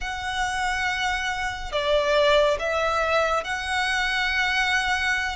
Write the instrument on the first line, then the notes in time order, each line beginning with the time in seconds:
violin
0.00 F#5
1.71 D5
2.59 E5
3.44 F#5